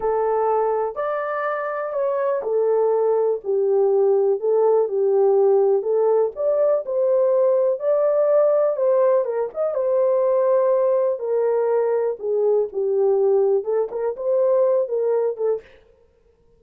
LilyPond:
\new Staff \with { instrumentName = "horn" } { \time 4/4 \tempo 4 = 123 a'2 d''2 | cis''4 a'2 g'4~ | g'4 a'4 g'2 | a'4 d''4 c''2 |
d''2 c''4 ais'8 dis''8 | c''2. ais'4~ | ais'4 gis'4 g'2 | a'8 ais'8 c''4. ais'4 a'8 | }